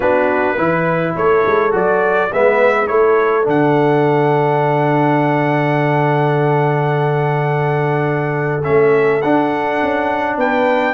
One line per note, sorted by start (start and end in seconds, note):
0.00 0.57 B3
0.00 0.57 D4
0.00 0.55 F#4
0.00 1.15 B4
0.55 1.15 E3
0.55 1.71 E4
0.55 1.13 B4
1.16 1.44 A3
1.16 2.32 A4
1.16 1.73 C#5
1.46 1.73 G#3
1.71 2.31 F#3
1.71 2.28 F#4
1.71 2.32 D5
2.32 2.89 G#3
2.32 2.86 B3
2.32 2.89 B4
2.32 2.87 E5
2.86 3.46 A3
2.86 3.43 E4
2.86 10.37 A4
2.86 3.44 C#5
3.43 8.66 D3
3.43 8.62 D4
3.43 8.63 F#5
8.63 9.23 A3
8.63 9.21 C#4
8.63 9.21 E5
9.21 9.81 D4
9.21 10.93 D4
9.21 10.36 F#5
9.82 10.36 C#4
10.36 10.93 B3
10.36 10.93 B4
10.36 10.93 G5